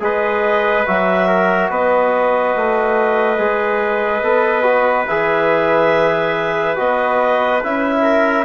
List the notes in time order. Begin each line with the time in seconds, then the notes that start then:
0.00 G#3 G#4 B4 D#5
0.86 F#3 F#4 E5
1.27 A#4
1.70 B3 B4 D#5
2.56 A3
3.38 G#3 G#4
4.21 B3 A4
4.63 F#4
5.07 E3 G#4 E5
6.76 B3 F#4 D#5
7.63 C#4 E4 E5
8.02 A#4